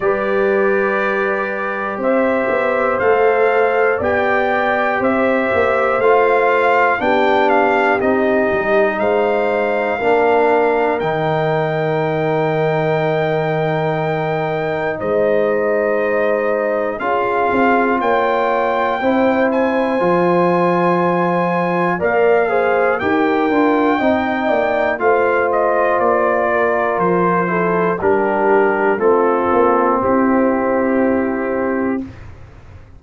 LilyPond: <<
  \new Staff \with { instrumentName = "trumpet" } { \time 4/4 \tempo 4 = 60 d''2 e''4 f''4 | g''4 e''4 f''4 g''8 f''8 | dis''4 f''2 g''4~ | g''2. dis''4~ |
dis''4 f''4 g''4. gis''8~ | gis''2 f''4 g''4~ | g''4 f''8 dis''8 d''4 c''4 | ais'4 a'4 g'2 | }
  \new Staff \with { instrumentName = "horn" } { \time 4/4 b'2 c''2 | d''4 c''2 g'4~ | g'4 c''4 ais'2~ | ais'2. c''4~ |
c''4 gis'4 cis''4 c''4~ | c''2 d''8 c''8 ais'4 | dis''8 d''8 c''4. ais'4 a'8 | g'4 f'4 e'2 | }
  \new Staff \with { instrumentName = "trombone" } { \time 4/4 g'2. a'4 | g'2 f'4 d'4 | dis'2 d'4 dis'4~ | dis'1~ |
dis'4 f'2 e'4 | f'2 ais'8 gis'8 g'8 f'8 | dis'4 f'2~ f'8 e'8 | d'4 c'2. | }
  \new Staff \with { instrumentName = "tuba" } { \time 4/4 g2 c'8 b8 a4 | b4 c'8 ais8 a4 b4 | c'8 g8 gis4 ais4 dis4~ | dis2. gis4~ |
gis4 cis'8 c'8 ais4 c'4 | f2 ais4 dis'8 d'8 | c'8 ais8 a4 ais4 f4 | g4 a8 ais8 c'2 | }
>>